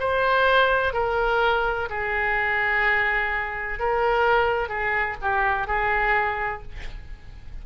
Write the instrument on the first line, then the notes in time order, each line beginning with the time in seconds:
oboe
0.00 C5
0.94 A#4
1.90 G#4
3.79 A#4
4.69 G#4
5.22 G4
5.67 G#4